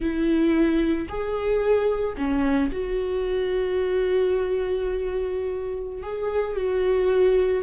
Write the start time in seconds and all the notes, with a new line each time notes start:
0.00 E4
1.08 G#4
2.17 C#4
2.72 F#4
6.02 G#4
6.56 F#4